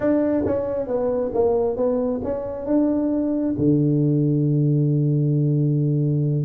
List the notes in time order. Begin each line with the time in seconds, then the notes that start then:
0.00 D4
0.45 C#4
0.87 B3
1.34 A#3
1.76 B3
2.23 C#4
2.66 D4
3.58 D3